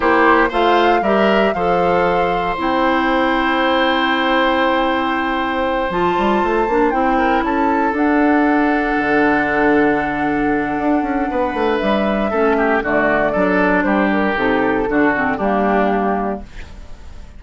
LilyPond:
<<
  \new Staff \with { instrumentName = "flute" } { \time 4/4 \tempo 4 = 117 c''4 f''4 e''4 f''4~ | f''4 g''2.~ | g''2.~ g''8 a''8~ | a''4. g''4 a''4 fis''8~ |
fis''1~ | fis''2. e''4~ | e''4 d''2 c''8 ais'8 | a'2 g'2 | }
  \new Staff \with { instrumentName = "oboe" } { \time 4/4 g'4 c''4 ais'4 c''4~ | c''1~ | c''1~ | c''2 ais'8 a'4.~ |
a'1~ | a'2 b'2 | a'8 g'8 fis'4 a'4 g'4~ | g'4 fis'4 d'2 | }
  \new Staff \with { instrumentName = "clarinet" } { \time 4/4 e'4 f'4 g'4 a'4~ | a'4 e'2.~ | e'2.~ e'8 f'8~ | f'4 d'8 e'2 d'8~ |
d'1~ | d'1 | cis'4 a4 d'2 | dis'4 d'8 c'8 ais2 | }
  \new Staff \with { instrumentName = "bassoon" } { \time 4/4 ais4 a4 g4 f4~ | f4 c'2.~ | c'2.~ c'8 f8 | g8 a8 ais8 c'4 cis'4 d'8~ |
d'4. d2~ d8~ | d4 d'8 cis'8 b8 a8 g4 | a4 d4 fis4 g4 | c4 d4 g2 | }
>>